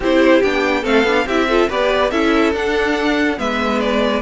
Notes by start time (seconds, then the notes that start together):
0.00 C4 E4 G4 C5
0.42 B3 D4 G5
0.81 A3 C4 A4 F5
1.03 B3 D4
1.25 C4 E4 G4 E5
1.48 F4 A4
1.69 B3 G4 B4 D5
2.10 C#4 E4 A4 E5
2.53 D4 F#5
3.37 G#3 B3 B4 E5
3.80 D5